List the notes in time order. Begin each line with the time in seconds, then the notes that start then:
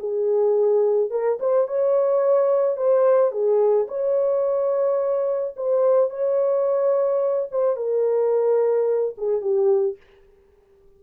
0.00 G#4
1.11 A#4
1.40 C5
1.68 C#5
2.77 C5
3.32 G#4
3.88 C#5
5.57 C5
6.10 C#5
7.52 C5
7.77 A#4
9.18 G#4
9.42 G4